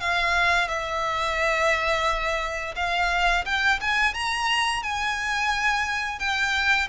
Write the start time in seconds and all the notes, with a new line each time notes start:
0.00 F5
0.68 E5
2.76 F5
3.45 G5
3.81 G#5
4.14 A#5
4.83 G#5
6.19 G5